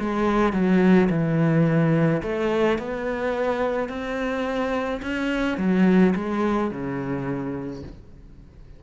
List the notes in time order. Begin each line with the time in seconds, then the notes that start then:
0.00 G#3
0.53 F#3
1.10 E3
2.23 A3
2.78 B3
3.89 C4
5.02 C#4
5.58 F#3
6.15 G#3
6.71 C#3